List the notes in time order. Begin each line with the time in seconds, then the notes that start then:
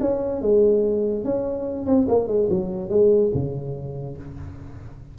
0.00 C#4
0.41 G#3
1.24 C#4
1.86 C4
2.08 A#3
2.27 G#3
2.49 F#3
2.89 G#3
3.34 C#3